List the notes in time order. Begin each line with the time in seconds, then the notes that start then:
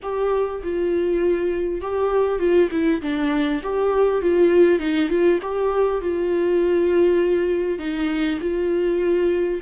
0.02 G4
0.63 F4
1.81 G4
2.39 F4
2.71 E4
3.01 D4
3.62 G4
4.21 F4
4.79 D#4
5.09 F4
5.41 G4
6.01 F4
7.78 D#4
8.40 F4